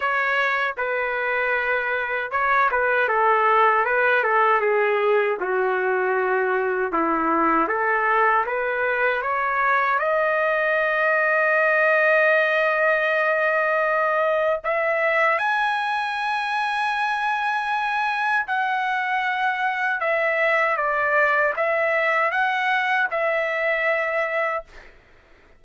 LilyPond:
\new Staff \with { instrumentName = "trumpet" } { \time 4/4 \tempo 4 = 78 cis''4 b'2 cis''8 b'8 | a'4 b'8 a'8 gis'4 fis'4~ | fis'4 e'4 a'4 b'4 | cis''4 dis''2.~ |
dis''2. e''4 | gis''1 | fis''2 e''4 d''4 | e''4 fis''4 e''2 | }